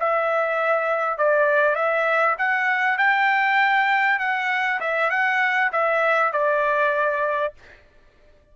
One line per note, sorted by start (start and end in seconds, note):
0.00 1.18 E5
1.18 1.75 D5
1.75 2.36 E5
2.39 2.98 F#5
2.98 4.19 G5
4.19 4.80 F#5
4.80 5.10 E5
5.10 5.71 F#5
5.72 6.33 E5
6.33 7.54 D5